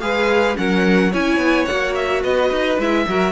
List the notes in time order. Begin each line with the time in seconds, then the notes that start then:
0.00 G#3 G#4 B4 F5
0.55 F#3 C#4 A#4 F#5
1.11 C#4 E4 C#5 G#5
1.37 B3
1.65 A#3 F#4 F#5
1.94 E5
2.22 B3 B4 D#5
2.51 D#4
2.78 G#3 E4 E5
3.08 F#3 F#4 A#4